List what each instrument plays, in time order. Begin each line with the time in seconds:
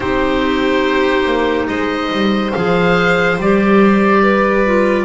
0.00 double bass C4, clarinet D#4, violin G4, oboe C5
1.25 double bass A#3
1.67 double bass G#3, violin C5, oboe D#5
2.11 double bass G3
2.52 double bass F3, clarinet G#4, oboe F5
3.37 double bass G3, clarinet G4, oboe D5
4.22 violin B4
4.65 clarinet F4